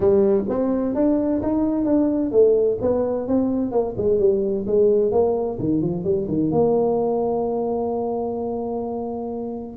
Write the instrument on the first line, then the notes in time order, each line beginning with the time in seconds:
tuba
0.00 G3
0.48 C4
0.95 D4
1.42 D#4
1.85 D4
2.31 A3
2.81 B3
3.27 C4
3.71 A#3
3.97 G#3
4.19 G3
4.66 G#3
5.11 A#3
5.59 D#3
5.81 F3
6.03 G3
6.27 D#3
6.51 A#3